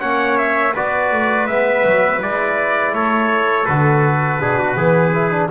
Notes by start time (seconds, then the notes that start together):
0.00 A#3 C#4 C#5 F#5
0.38 E5
0.74 B3 F#4 B4 D5
1.12 A3
1.47 G#3 B3 E5
1.86 F#3
2.19 G#3 E4 D5
2.93 A3 A4 C#5
3.65 D3 F#4 B4
4.40 B2 D4 G#4
4.60 F#4
4.76 E3 B3 G#4
5.13 E4
5.31 D4